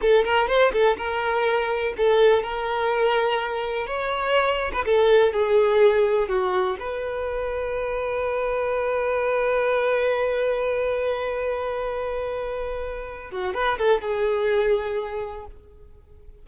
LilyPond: \new Staff \with { instrumentName = "violin" } { \time 4/4 \tempo 4 = 124 a'8 ais'8 c''8 a'8 ais'2 | a'4 ais'2. | cis''4.~ cis''16 b'16 a'4 gis'4~ | gis'4 fis'4 b'2~ |
b'1~ | b'1~ | b'2.~ b'8 fis'8 | b'8 a'8 gis'2. | }